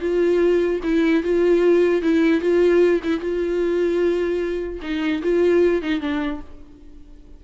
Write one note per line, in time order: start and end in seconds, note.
0.00 0.80 F4
0.83 1.23 E4
1.23 2.02 F4
2.02 2.40 E4
2.40 3.00 F4
3.03 3.19 E4
3.19 4.79 F4
4.81 5.21 D#4
5.22 5.81 F4
5.81 6.00 D#4
6.00 6.40 D4